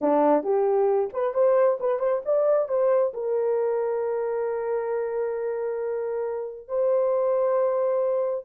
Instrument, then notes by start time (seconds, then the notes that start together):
horn
0.01 D4
0.43 G4
1.13 B4
1.34 C5
1.79 B4
1.99 C5
2.25 D5
2.68 C5
3.13 A#4
6.68 C5